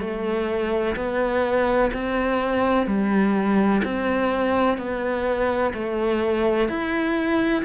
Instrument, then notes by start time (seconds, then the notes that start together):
cello
0.00 A3
0.95 B3
1.93 C4
2.86 G3
3.84 C4
4.77 B3
5.73 A3
6.68 E4